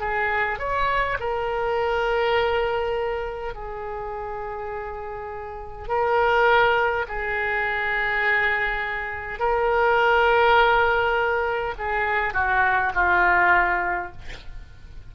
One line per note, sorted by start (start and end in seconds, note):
0.00 0.59 G#4
0.59 1.18 C#5
1.19 3.54 A#4
3.54 5.88 G#4
5.88 7.05 A#4
7.07 9.39 G#4
9.39 11.74 A#4
11.78 12.33 G#4
12.33 12.92 F#4
12.94 14.12 F4